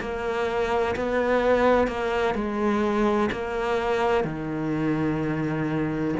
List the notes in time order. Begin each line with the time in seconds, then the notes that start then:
0.00 A#3
0.96 B3
1.87 A#3
2.34 G#3
3.32 A#3
4.24 D#3